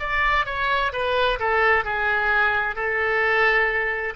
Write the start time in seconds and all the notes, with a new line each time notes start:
0.00 D5
0.46 C#5
0.93 B4
1.39 A4
1.85 G#4
2.76 A4